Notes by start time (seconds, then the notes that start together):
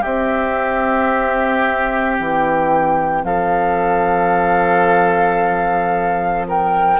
0.00 C4 G4 E5
2.18 E3 G5
3.24 F3 A4 F5
6.48 A#4 G5